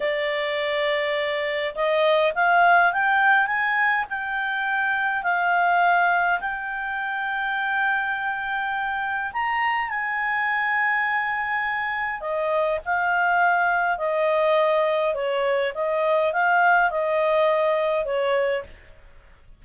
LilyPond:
\new Staff \with { instrumentName = "clarinet" } { \time 4/4 \tempo 4 = 103 d''2. dis''4 | f''4 g''4 gis''4 g''4~ | g''4 f''2 g''4~ | g''1 |
ais''4 gis''2.~ | gis''4 dis''4 f''2 | dis''2 cis''4 dis''4 | f''4 dis''2 cis''4 | }